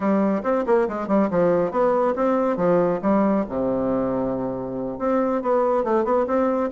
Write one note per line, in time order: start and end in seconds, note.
0.00 0.42 G3
0.43 0.65 C4
0.66 0.88 A#3
0.88 1.07 G#3
1.07 1.29 G3
1.30 1.71 F3
1.71 2.14 B3
2.15 2.57 C4
2.57 3.00 F3
3.01 3.45 G3
3.48 4.99 C3
4.99 5.42 C4
5.42 5.84 B3
5.84 6.04 A3
6.04 6.26 B3
6.26 6.70 C4